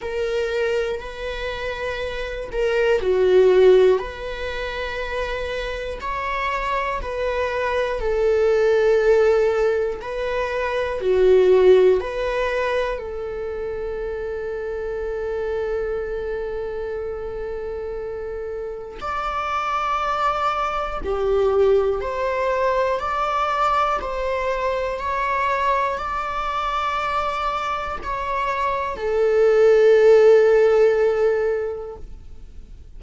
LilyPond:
\new Staff \with { instrumentName = "viola" } { \time 4/4 \tempo 4 = 60 ais'4 b'4. ais'8 fis'4 | b'2 cis''4 b'4 | a'2 b'4 fis'4 | b'4 a'2.~ |
a'2. d''4~ | d''4 g'4 c''4 d''4 | c''4 cis''4 d''2 | cis''4 a'2. | }